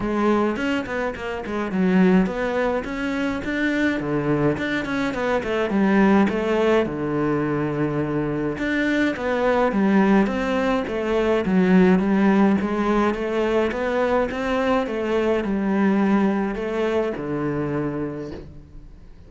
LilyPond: \new Staff \with { instrumentName = "cello" } { \time 4/4 \tempo 4 = 105 gis4 cis'8 b8 ais8 gis8 fis4 | b4 cis'4 d'4 d4 | d'8 cis'8 b8 a8 g4 a4 | d2. d'4 |
b4 g4 c'4 a4 | fis4 g4 gis4 a4 | b4 c'4 a4 g4~ | g4 a4 d2 | }